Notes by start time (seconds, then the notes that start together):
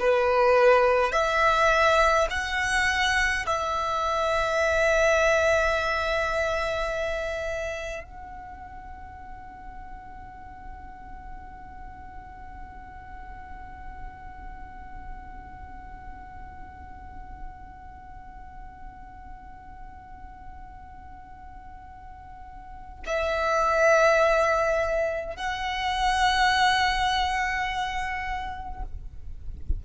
0.00 B4
1.12 E5
2.31 F#5
3.47 E5
8.04 F#5
23.07 E5
25.37 F#5